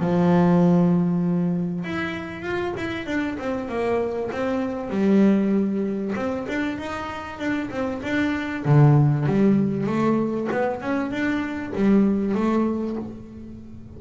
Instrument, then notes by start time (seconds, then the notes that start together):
double bass
0.00 F3
1.84 E4
2.43 F4
2.78 E4
3.06 D4
3.39 C4
3.69 A#3
4.32 C4
4.90 G3
6.16 C4
6.48 D4
6.78 D#4
7.39 D4
7.71 C4
8.03 D4
8.65 D3
9.26 G3
9.87 A3
10.52 B3
10.82 C#4
11.11 D4
11.75 G3
12.35 A3